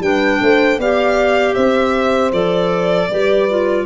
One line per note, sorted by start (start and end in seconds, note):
0.00 0.38 G3
0.00 0.79 D4
0.00 0.41 B4
0.00 0.79 G5
0.41 0.78 A3
0.41 0.79 C5
0.78 1.55 B3
0.78 2.33 G4
0.78 1.55 D5
0.78 1.55 F5
1.55 2.32 C4
1.55 3.08 C5
1.55 2.32 E5
2.32 3.09 F3
2.32 3.10 A4
2.32 3.86 D5
3.10 3.86 G3
3.10 3.49 G4
3.10 3.86 B4
3.50 3.86 F4